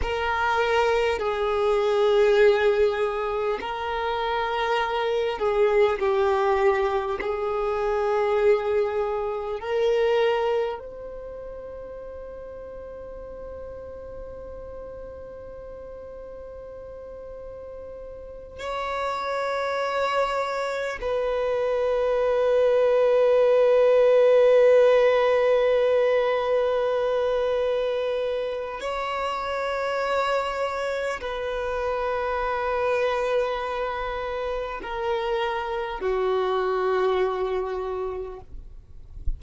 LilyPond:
\new Staff \with { instrumentName = "violin" } { \time 4/4 \tempo 4 = 50 ais'4 gis'2 ais'4~ | ais'8 gis'8 g'4 gis'2 | ais'4 c''2.~ | c''2.~ c''8 cis''8~ |
cis''4. b'2~ b'8~ | b'1 | cis''2 b'2~ | b'4 ais'4 fis'2 | }